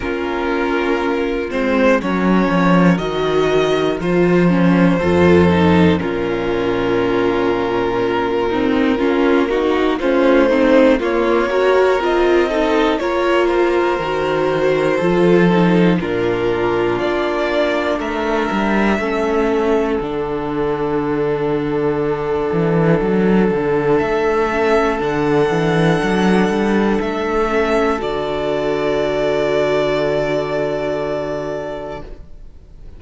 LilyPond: <<
  \new Staff \with { instrumentName = "violin" } { \time 4/4 \tempo 4 = 60 ais'4. c''8 cis''4 dis''4 | c''2 ais'2~ | ais'2 c''4 cis''4 | dis''4 cis''8 c''2~ c''8 |
ais'4 d''4 e''2 | fis''1 | e''4 fis''2 e''4 | d''1 | }
  \new Staff \with { instrumentName = "violin" } { \time 4/4 f'2 ais'2~ | ais'4 a'4 f'2~ | f'8 dis'8 f'8 fis'8 f'8 dis'8 f'8 ais'8~ | ais'8 a'8 ais'2 a'4 |
f'2 ais'4 a'4~ | a'1~ | a'1~ | a'1 | }
  \new Staff \with { instrumentName = "viola" } { \time 4/4 cis'4. c'8 cis'4 fis'4 | f'8 cis'8 f'8 dis'8 cis'2~ | cis'8 c'8 cis'8 dis'8 cis'8 c'8 ais8 fis'8 | f'8 dis'8 f'4 fis'4 f'8 dis'8 |
d'2. cis'4 | d'1~ | d'8 cis'8 d'2~ d'8 cis'8 | fis'1 | }
  \new Staff \with { instrumentName = "cello" } { \time 4/4 ais4. gis8 fis8 f8 dis4 | f4 f,4 ais,2~ | ais,4 ais4 a4 ais4 | c'4 ais4 dis4 f4 |
ais,4 ais4 a8 g8 a4 | d2~ d8 e8 fis8 d8 | a4 d8 e8 fis8 g8 a4 | d1 | }
>>